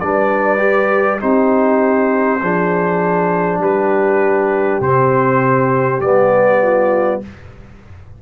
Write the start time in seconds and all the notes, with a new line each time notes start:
0.00 G3 D4 B4 D5
0.58 G4
1.19 C4 D#4 G4 C5
2.42 F3 D4 G#4
3.59 G3 G4 B4
4.80 C3 C4 C5
6.01 G3 B3 D5
6.62 F4